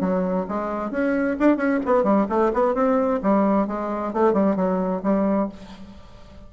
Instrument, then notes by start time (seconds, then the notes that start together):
bassoon
0.00 F#3
0.48 G#3
0.91 C#4
1.39 D4
1.57 C#4
1.85 B3
2.03 G3
2.29 A3
2.54 B3
2.74 C4
3.22 G3
3.67 G#3
4.13 A3
4.33 G3
4.56 F#3
5.03 G3